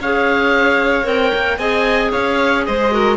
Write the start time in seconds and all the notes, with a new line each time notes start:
0.00 C#4 G#4 C#5 F5
1.04 C4 A#4 G5
1.34 A#3
1.58 C4 G#4 D#5 G#5
2.11 C#4 C#5 F5
2.65 G#3 C5 D#5
2.91 F#4 A#4